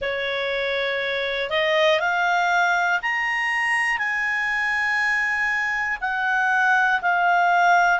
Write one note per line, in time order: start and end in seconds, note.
0.01 1.50 C#5
1.50 2.00 D#5
2.00 3.00 F5
3.02 3.98 A#5
3.98 5.97 G#5
6.00 7.00 F#5
7.01 8.00 F5